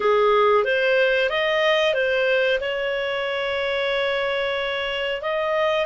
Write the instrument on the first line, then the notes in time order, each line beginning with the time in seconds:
clarinet
0.00 G#4
0.64 C5
1.29 D#5
1.94 C5
2.60 C#5
5.21 D#5